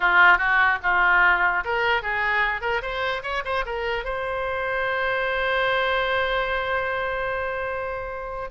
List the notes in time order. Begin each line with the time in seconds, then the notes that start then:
0.00 F4
0.38 F#4
0.82 F4
1.64 A#4
2.02 G#4
2.61 A#4
2.81 C5
3.22 C#5
3.44 C5
3.65 A#4
4.04 C5